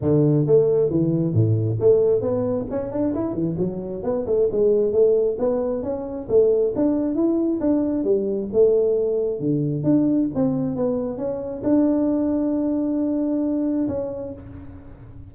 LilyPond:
\new Staff \with { instrumentName = "tuba" } { \time 4/4 \tempo 4 = 134 d4 a4 e4 a,4 | a4 b4 cis'8 d'8 e'8 e8 | fis4 b8 a8 gis4 a4 | b4 cis'4 a4 d'4 |
e'4 d'4 g4 a4~ | a4 d4 d'4 c'4 | b4 cis'4 d'2~ | d'2. cis'4 | }